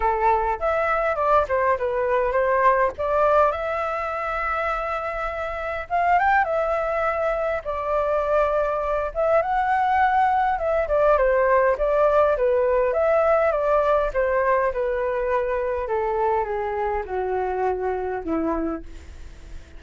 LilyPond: \new Staff \with { instrumentName = "flute" } { \time 4/4 \tempo 4 = 102 a'4 e''4 d''8 c''8 b'4 | c''4 d''4 e''2~ | e''2 f''8 g''8 e''4~ | e''4 d''2~ d''8 e''8 |
fis''2 e''8 d''8 c''4 | d''4 b'4 e''4 d''4 | c''4 b'2 a'4 | gis'4 fis'2 e'4 | }